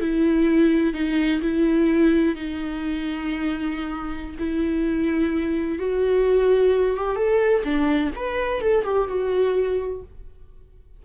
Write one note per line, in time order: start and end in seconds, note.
0.00 0.93 E4
0.93 1.41 D#4
1.41 2.35 E4
2.35 4.36 D#4
4.39 5.79 E4
5.79 6.96 F#4
6.96 7.16 G4
7.16 7.63 A4
7.64 8.11 D4
8.16 8.60 B4
8.60 8.84 A4
8.84 9.08 G4
9.08 10.02 F#4